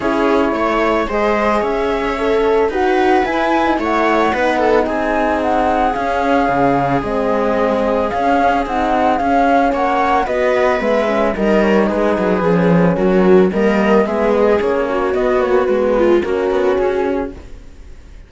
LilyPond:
<<
  \new Staff \with { instrumentName = "flute" } { \time 4/4 \tempo 4 = 111 cis''2 dis''4 e''4~ | e''4 fis''4 gis''4 fis''4~ | fis''4 gis''4 fis''4 f''4~ | f''4 dis''2 f''4 |
fis''4 f''4 fis''4 dis''4 | e''4 dis''8 cis''8 b'2 | ais'4 dis''4 e''8 dis''8 cis''4 | dis''8 cis''8 b'4 ais'4 gis'4 | }
  \new Staff \with { instrumentName = "viola" } { \time 4/4 gis'4 cis''4 c''4 cis''4~ | cis''4 b'2 cis''4 | b'8 a'8 gis'2.~ | gis'1~ |
gis'2 cis''4 b'4~ | b'4 ais'4 gis'2 | fis'4 ais'4 gis'4. fis'8~ | fis'4. f'8 fis'2 | }
  \new Staff \with { instrumentName = "horn" } { \time 4/4 e'2 gis'2 | a'4 fis'4 e'8. dis'16 e'4 | dis'2. cis'4~ | cis'4 c'2 cis'4 |
dis'4 cis'2 fis'4 | b8 cis'8 dis'2 cis'4~ | cis'4 ais4 b4 cis'4 | b8 ais8 b4 cis'2 | }
  \new Staff \with { instrumentName = "cello" } { \time 4/4 cis'4 a4 gis4 cis'4~ | cis'4 dis'4 e'4 a4 | b4 c'2 cis'4 | cis4 gis2 cis'4 |
c'4 cis'4 ais4 b4 | gis4 g4 gis8 fis8 f4 | fis4 g4 gis4 ais4 | b4 gis4 ais8 b8 cis'4 | }
>>